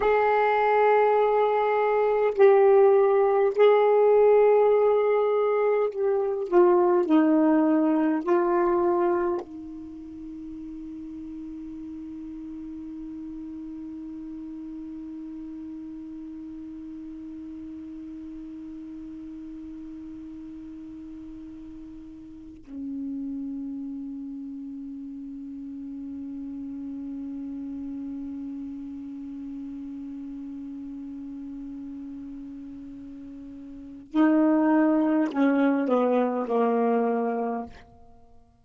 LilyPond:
\new Staff \with { instrumentName = "saxophone" } { \time 4/4 \tempo 4 = 51 gis'2 g'4 gis'4~ | gis'4 g'8 f'8 dis'4 f'4 | dis'1~ | dis'1~ |
dis'2.~ dis'16 cis'8.~ | cis'1~ | cis'1~ | cis'4 dis'4 cis'8 b8 ais4 | }